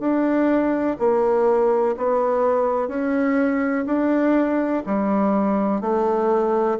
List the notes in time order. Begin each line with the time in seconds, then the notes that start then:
0.00 D4
0.99 A#3
1.97 B3
2.89 C#4
3.86 D4
4.87 G3
5.81 A3